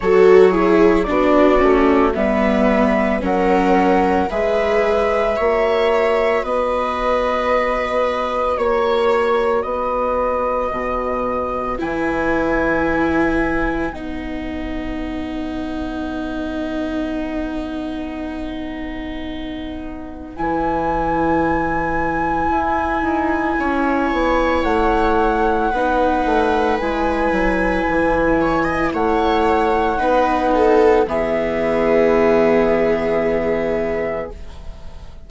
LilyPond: <<
  \new Staff \with { instrumentName = "flute" } { \time 4/4 \tempo 4 = 56 cis''4 d''4 e''4 fis''4 | e''2 dis''2 | cis''4 dis''2 gis''4~ | gis''4 fis''2.~ |
fis''2. gis''4~ | gis''2. fis''4~ | fis''4 gis''2 fis''4~ | fis''4 e''2. | }
  \new Staff \with { instrumentName = "viola" } { \time 4/4 a'8 gis'8 fis'4 b'4 ais'4 | b'4 cis''4 b'2 | cis''4 b'2.~ | b'1~ |
b'1~ | b'2 cis''2 | b'2~ b'8 cis''16 dis''16 cis''4 | b'8 a'8 gis'2. | }
  \new Staff \with { instrumentName = "viola" } { \time 4/4 fis'8 e'8 d'8 cis'8 b4 cis'4 | gis'4 fis'2.~ | fis'2. e'4~ | e'4 dis'2.~ |
dis'2. e'4~ | e'1 | dis'4 e'2. | dis'4 b2. | }
  \new Staff \with { instrumentName = "bassoon" } { \time 4/4 fis4 b8 a8 g4 fis4 | gis4 ais4 b2 | ais4 b4 b,4 e4~ | e4 b2.~ |
b2. e4~ | e4 e'8 dis'8 cis'8 b8 a4 | b8 a8 gis8 fis8 e4 a4 | b4 e2. | }
>>